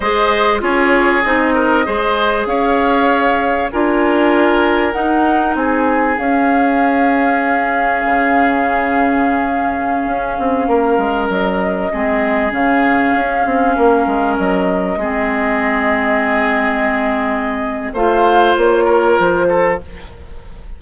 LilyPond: <<
  \new Staff \with { instrumentName = "flute" } { \time 4/4 \tempo 4 = 97 dis''4 cis''4 dis''2 | f''2 gis''2 | fis''4 gis''4 f''2~ | f''1~ |
f''2~ f''16 dis''4.~ dis''16~ | dis''16 f''2. dis''8.~ | dis''1~ | dis''4 f''4 cis''4 c''4 | }
  \new Staff \with { instrumentName = "oboe" } { \time 4/4 c''4 gis'4. ais'8 c''4 | cis''2 ais'2~ | ais'4 gis'2.~ | gis'1~ |
gis'4~ gis'16 ais'2 gis'8.~ | gis'2~ gis'16 ais'4.~ ais'16~ | ais'16 gis'2.~ gis'8.~ | gis'4 c''4. ais'4 a'8 | }
  \new Staff \with { instrumentName = "clarinet" } { \time 4/4 gis'4 f'4 dis'4 gis'4~ | gis'2 f'2 | dis'2 cis'2~ | cis'1~ |
cis'2.~ cis'16 c'8.~ | c'16 cis'2.~ cis'8.~ | cis'16 c'2.~ c'8.~ | c'4 f'2. | }
  \new Staff \with { instrumentName = "bassoon" } { \time 4/4 gis4 cis'4 c'4 gis4 | cis'2 d'2 | dis'4 c'4 cis'2~ | cis'4 cis2.~ |
cis16 cis'8 c'8 ais8 gis8 fis4 gis8.~ | gis16 cis4 cis'8 c'8 ais8 gis8 fis8.~ | fis16 gis2.~ gis8.~ | gis4 a4 ais4 f4 | }
>>